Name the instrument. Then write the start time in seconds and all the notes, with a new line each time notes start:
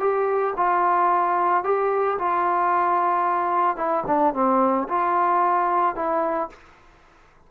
trombone
0.00 G4
0.57 F4
1.64 G4
2.19 F4
3.77 E4
4.07 D4
4.34 C4
4.89 F4
5.96 E4